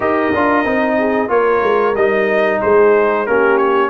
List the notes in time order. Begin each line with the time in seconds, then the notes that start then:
0.00 D#4 G4 A#4 D#5
0.33 D4 F4
0.64 C4 D#4
0.98 G#4
1.28 A#3 F4 A#4 C#5
1.62 G#3
1.95 G3 D#4 D#5
2.61 G#3 G#4 C5
3.26 A#3 C#4 G4 A#4
3.57 C#5